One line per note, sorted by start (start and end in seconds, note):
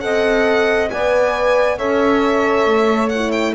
0.00 0.90 C4
0.00 0.89 A4
0.00 0.92 D#5
0.00 0.88 F#5
0.90 1.78 B3
0.90 1.78 B4
0.90 1.76 D5
0.90 1.78 G#5
1.76 2.65 C#4
1.76 3.11 A4
1.76 3.53 C#5
1.76 3.09 E5
2.65 3.53 A3
3.09 3.55 E4
3.09 3.31 F#5
3.31 3.53 G5